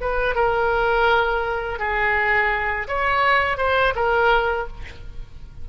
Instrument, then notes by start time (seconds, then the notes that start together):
oboe
0.00 B4
0.35 A#4
1.78 G#4
2.88 C#5
3.57 C5
3.95 A#4